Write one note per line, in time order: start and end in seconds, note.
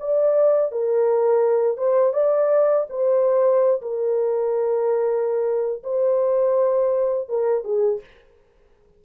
0.00 0.72 D5
0.72 1.78 A#4
1.78 2.14 C5
2.14 2.87 D5
2.90 3.81 C5
3.82 5.83 A#4
5.84 7.29 C5
7.29 7.64 A#4
7.64 8.01 G#4